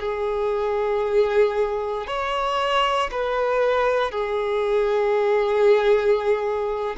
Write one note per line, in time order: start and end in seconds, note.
0.00 2.07 G#4
2.07 3.10 C#5
3.12 4.11 B4
4.11 6.96 G#4